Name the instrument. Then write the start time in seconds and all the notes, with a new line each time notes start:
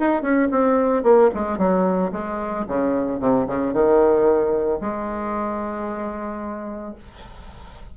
bassoon
0.00 D#4
0.22 C#4
0.52 C4
1.04 A#3
1.35 G#3
1.59 F#3
2.12 G#3
2.68 C#3
3.20 C3
3.47 C#3
3.73 D#3
4.81 G#3